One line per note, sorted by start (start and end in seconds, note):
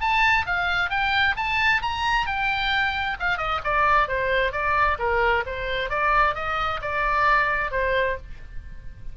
0.00 0.45 A5
0.46 0.90 F5
0.90 1.35 G5
1.36 1.82 A5
1.82 2.26 A#5
2.26 3.17 G5
3.19 3.37 F5
3.37 3.60 D#5
3.64 4.08 D5
4.08 4.52 C5
4.52 4.97 D5
4.99 5.44 A#4
5.46 5.89 C5
5.89 6.35 D5
6.35 6.80 D#5
6.81 7.71 D5
7.71 8.17 C5